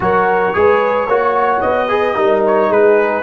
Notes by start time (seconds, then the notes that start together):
0.00 F#3 F#4 A#4 C#5
0.53 G#3 G#4 B4
1.06 A#3 F#4 C#5
1.60 B3 D#5
1.88 G#4 B4
2.15 G3 D#4 A#4
2.46 C#5
2.69 G#3 G#4 B4